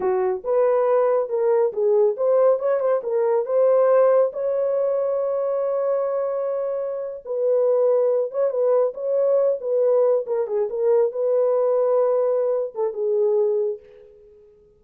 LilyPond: \new Staff \with { instrumentName = "horn" } { \time 4/4 \tempo 4 = 139 fis'4 b'2 ais'4 | gis'4 c''4 cis''8 c''8 ais'4 | c''2 cis''2~ | cis''1~ |
cis''8. b'2~ b'8 cis''8 b'16~ | b'8. cis''4. b'4. ais'16~ | ais'16 gis'8 ais'4 b'2~ b'16~ | b'4. a'8 gis'2 | }